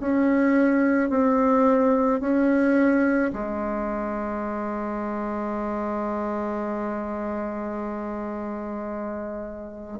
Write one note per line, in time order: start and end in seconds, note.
0.00 1.10 C#4
1.10 2.21 C4
2.21 3.32 C#4
3.32 9.99 G#3